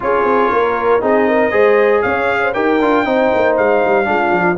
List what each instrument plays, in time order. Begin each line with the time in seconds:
0.00 tuba C#4, trombone F4, horn G#4, trumpet C#5
0.24 tuba C4
0.50 tuba A#3, horn A#4
1.01 tuba C4, trombone D#4, horn G#4, trumpet D#5
1.27 horn A#4
1.51 tuba G#3, trombone G#4, horn C5
2.01 tuba C#4, horn C#5, trumpet F5
2.43 horn C5
2.53 tuba D#4, trombone G4, horn A#4, trumpet G5
2.80 tuba D4, trombone F4
3.05 tuba C4, trombone D#4, horn C5
3.34 tuba A#3
3.56 tuba G#3, trumpet F5
3.84 tuba G3
4.04 tuba G#3, trombone D4, horn F4
4.31 tuba F3